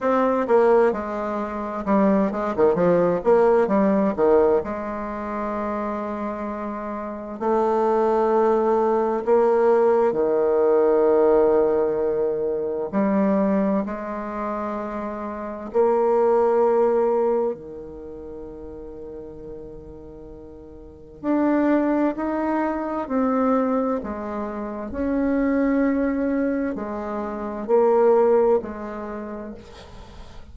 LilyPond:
\new Staff \with { instrumentName = "bassoon" } { \time 4/4 \tempo 4 = 65 c'8 ais8 gis4 g8 gis16 dis16 f8 ais8 | g8 dis8 gis2. | a2 ais4 dis4~ | dis2 g4 gis4~ |
gis4 ais2 dis4~ | dis2. d'4 | dis'4 c'4 gis4 cis'4~ | cis'4 gis4 ais4 gis4 | }